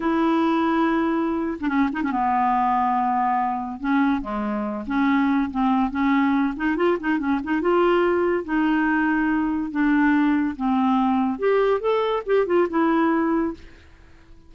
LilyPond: \new Staff \with { instrumentName = "clarinet" } { \time 4/4 \tempo 4 = 142 e'2.~ e'8. d'16 | cis'8 dis'16 cis'16 b2.~ | b4 cis'4 gis4. cis'8~ | cis'4 c'4 cis'4. dis'8 |
f'8 dis'8 cis'8 dis'8 f'2 | dis'2. d'4~ | d'4 c'2 g'4 | a'4 g'8 f'8 e'2 | }